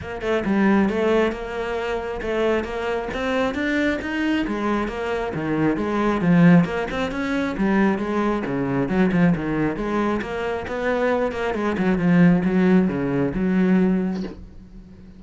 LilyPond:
\new Staff \with { instrumentName = "cello" } { \time 4/4 \tempo 4 = 135 ais8 a8 g4 a4 ais4~ | ais4 a4 ais4 c'4 | d'4 dis'4 gis4 ais4 | dis4 gis4 f4 ais8 c'8 |
cis'4 g4 gis4 cis4 | fis8 f8 dis4 gis4 ais4 | b4. ais8 gis8 fis8 f4 | fis4 cis4 fis2 | }